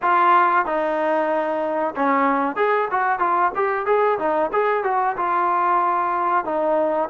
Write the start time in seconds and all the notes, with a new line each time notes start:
0.02 F4
0.65 D#4
1.95 C#4
2.56 G#4
2.91 F#4
3.19 F4
3.55 G4
3.86 G#4
4.18 D#4
4.52 G#4
4.83 F#4
5.16 F4
6.44 D#4